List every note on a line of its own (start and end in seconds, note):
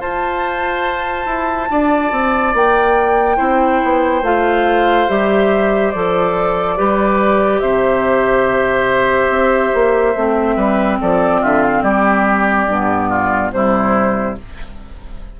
0.00 1.26 F4
0.00 3.37 F4
0.00 1.69 C5
0.00 2.54 A5
1.26 1.68 E4
1.70 2.12 D4
1.70 3.37 D5
2.12 2.54 C4
2.54 3.38 A#3
2.54 4.25 G5
3.37 3.82 C4
3.37 4.21 E4
3.37 6.75 C5
3.83 4.22 B3
4.22 5.07 A3
4.22 5.09 F4
4.22 5.10 F5
5.09 5.94 G3
5.09 5.93 G4
5.09 5.91 E5
5.91 6.79 F3
5.91 6.78 A4
5.91 7.60 D5
6.77 7.61 G3
6.77 10.16 G4
6.77 7.62 B4
7.60 9.29 C3
7.60 10.56 C5
7.60 10.98 E5
9.29 9.71 C4
9.74 10.15 A#3
10.15 10.57 A3
10.15 12.70 C4
10.56 10.99 G3
10.56 10.99 B4
11.01 11.43 F3
11.01 11.41 A4
11.01 11.43 D5
11.41 11.83 D3
11.41 11.83 F4
11.41 11.63 E5
11.63 11.82 F5
11.82 12.67 G3
11.82 13.09 G4
11.82 13.51 D5
12.67 13.52 G2
12.67 13.53 B3
13.09 13.52 F4
13.52 14.37 C3
13.52 14.37 G3
13.52 14.40 E4
13.52 14.37 C5